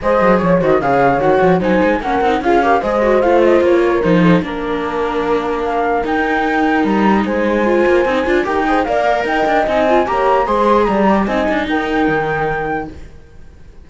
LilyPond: <<
  \new Staff \with { instrumentName = "flute" } { \time 4/4 \tempo 4 = 149 dis''4 cis''8 dis''8 f''4 fis''4 | gis''4 fis''4 f''4 dis''4 | f''8 dis''8 cis''4 c''4 ais'4~ | ais'2 f''4 g''4~ |
g''4 ais''4 gis''2~ | gis''4 g''4 f''4 g''4 | gis''4 ais''4 c'''4 ais''4 | gis''4 g''2. | }
  \new Staff \with { instrumentName = "horn" } { \time 4/4 c''4 cis''8 c''8 cis''2 | c''4 ais'4 gis'8 ais'8 c''4~ | c''4. ais'4 a'8 ais'4~ | ais'1~ |
ais'2 c''2~ | c''4 ais'8 c''8 d''4 dis''4~ | dis''4 cis''4 c''4 d''4 | dis''4 ais'2. | }
  \new Staff \with { instrumentName = "viola" } { \time 4/4 gis'4. fis'8 gis'4 fis'4 | dis'4 cis'8 dis'8 f'8 g'8 gis'8 fis'8 | f'2 dis'4 d'4~ | d'2. dis'4~ |
dis'2. f'4 | dis'8 f'8 g'8 gis'8 ais'2 | dis'8 f'8 g'4 gis'4. g'8 | dis'1 | }
  \new Staff \with { instrumentName = "cello" } { \time 4/4 gis8 fis8 f8 dis8 cis4 dis8 f8 | fis8 gis8 ais8 c'8 cis'4 gis4 | a4 ais4 f4 ais4~ | ais2. dis'4~ |
dis'4 g4 gis4. ais8 | c'8 d'8 dis'4 ais4 dis'8 d'8 | c'4 ais4 gis4 g4 | c'8 d'8 dis'4 dis2 | }
>>